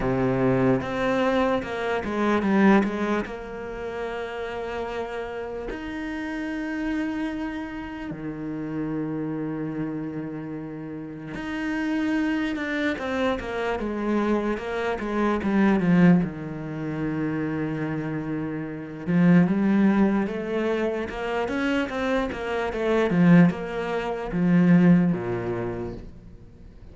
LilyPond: \new Staff \with { instrumentName = "cello" } { \time 4/4 \tempo 4 = 74 c4 c'4 ais8 gis8 g8 gis8 | ais2. dis'4~ | dis'2 dis2~ | dis2 dis'4. d'8 |
c'8 ais8 gis4 ais8 gis8 g8 f8 | dis2.~ dis8 f8 | g4 a4 ais8 cis'8 c'8 ais8 | a8 f8 ais4 f4 ais,4 | }